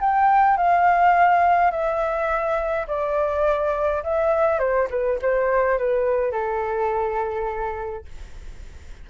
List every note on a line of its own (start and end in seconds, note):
0.00 0.57 G5
0.57 1.71 F5
1.71 2.86 E5
2.87 4.03 D5
4.03 4.59 E5
4.59 4.87 C5
4.90 5.19 B4
5.22 5.78 C5
5.78 6.32 B4
6.32 8.05 A4